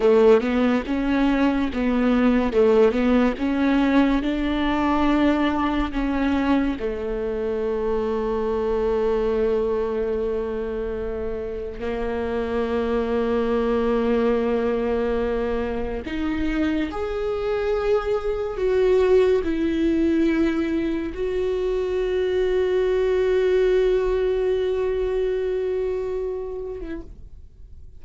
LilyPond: \new Staff \with { instrumentName = "viola" } { \time 4/4 \tempo 4 = 71 a8 b8 cis'4 b4 a8 b8 | cis'4 d'2 cis'4 | a1~ | a2 ais2~ |
ais2. dis'4 | gis'2 fis'4 e'4~ | e'4 fis'2.~ | fis'2.~ fis'8. e'16 | }